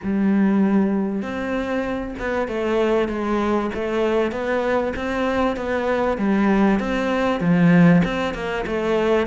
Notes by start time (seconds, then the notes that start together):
0.03 G3
1.21 C4
2.18 B3
2.48 A3
3.08 G#3
3.74 A3
4.31 B3
4.96 C4
5.56 B3
6.17 G3
6.79 C4
7.40 F3
8.04 C4
8.34 A#3
8.66 A3